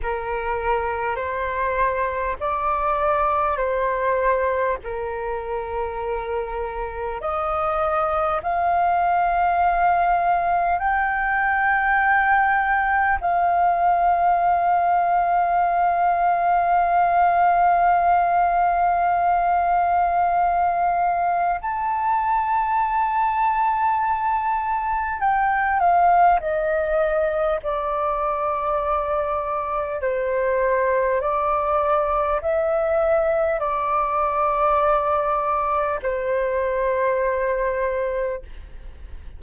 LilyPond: \new Staff \with { instrumentName = "flute" } { \time 4/4 \tempo 4 = 50 ais'4 c''4 d''4 c''4 | ais'2 dis''4 f''4~ | f''4 g''2 f''4~ | f''1~ |
f''2 a''2~ | a''4 g''8 f''8 dis''4 d''4~ | d''4 c''4 d''4 e''4 | d''2 c''2 | }